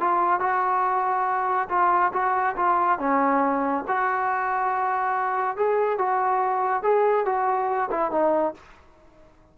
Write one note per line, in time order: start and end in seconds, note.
0.00 0.40 F4
0.40 1.69 F#4
1.69 2.12 F4
2.13 2.56 F#4
2.57 2.99 F4
2.99 3.85 C#4
3.88 5.57 F#4
5.57 5.99 G#4
5.99 6.83 F#4
6.83 7.26 G#4
7.26 7.90 F#4
7.91 8.11 E4
8.11 8.54 D#4